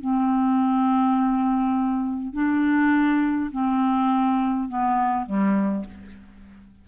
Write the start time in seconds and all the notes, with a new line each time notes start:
0.00 C4
2.33 D4
3.51 C4
4.68 B3
5.26 G3